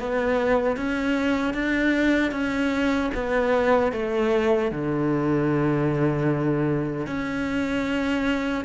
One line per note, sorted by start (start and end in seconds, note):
0.00 0.77 B3
0.77 1.54 C#4
1.54 2.32 D4
2.32 3.11 C#4
3.15 3.93 B3
3.93 4.72 A3
4.72 7.07 D3
7.07 8.65 C#4